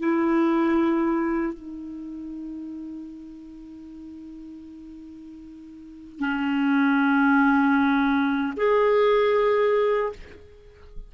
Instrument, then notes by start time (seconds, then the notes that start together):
clarinet
0.00 E4
1.54 D#4
6.20 C#4
8.57 G#4